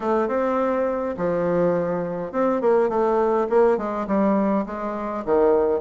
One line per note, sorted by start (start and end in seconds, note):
0.00 0.28 A3
0.28 1.15 C4
1.17 2.32 F3
2.32 2.61 C4
2.61 2.89 A#3
2.89 3.47 A3
3.49 3.77 A#3
3.77 4.06 G#3
4.07 4.65 G3
4.66 5.24 G#3
5.25 5.81 D#3